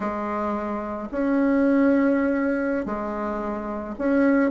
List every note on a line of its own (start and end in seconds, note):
0.00 1.08 G#3
1.11 2.85 C#4
2.85 3.94 G#3
3.98 4.50 C#4